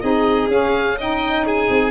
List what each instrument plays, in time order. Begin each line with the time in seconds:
0.00 tuba C4, saxophone D#4, violin G#4, oboe D#5
0.48 tuba C#4, saxophone C#4, oboe F5
0.98 saxophone D#4, violin D#5, oboe G5
1.46 violin G#4, oboe G#5
1.70 tuba C4